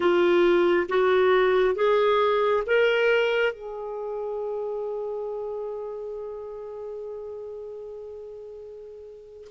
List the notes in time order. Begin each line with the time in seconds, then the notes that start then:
0.00 F4
0.88 F#4
1.75 G#4
2.66 A#4
3.53 G#4